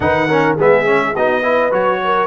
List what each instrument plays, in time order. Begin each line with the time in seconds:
0.00 tuba D#3, trombone D#4, horn B4, trumpet F#5
0.27 trombone C#4, horn A#4
0.55 tuba G#3, trombone B3, horn G#4, trumpet E5
0.85 trombone C#4
1.13 tuba B3, trombone D#4, horn F#4, trumpet D#5
1.41 trombone E4, horn B4
1.71 tuba F#3, trombone F#4, trumpet C#5
2.04 horn A#4